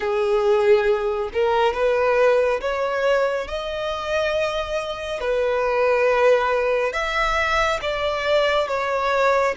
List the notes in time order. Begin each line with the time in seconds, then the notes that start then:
0.00 G#4
1.33 A#4
1.73 B4
2.60 C#5
3.47 D#5
5.20 B4
6.92 E5
7.81 D5
8.68 C#5